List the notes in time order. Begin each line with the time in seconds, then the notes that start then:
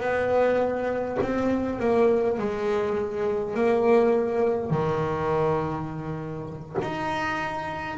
0.00 B3
1.22 C4
1.79 A#3
2.38 G#3
3.55 A#3
4.70 D#3
6.82 D#4